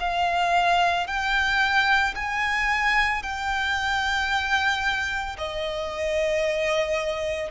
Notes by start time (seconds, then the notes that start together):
0.00 F5
1.07 G5
2.16 G#5
3.23 G5
5.38 D#5